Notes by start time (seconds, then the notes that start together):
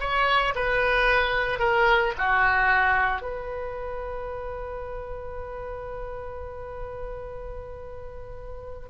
0.00 C#5
0.55 B4
1.59 A#4
2.18 F#4
3.22 B4